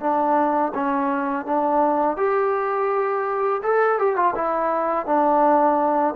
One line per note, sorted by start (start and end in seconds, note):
0.00 0.72 D4
0.74 1.46 C#4
1.46 2.17 D4
2.17 3.61 G4
3.62 3.99 A4
3.99 4.16 G4
4.16 4.34 F4
4.35 5.06 E4
5.06 6.14 D4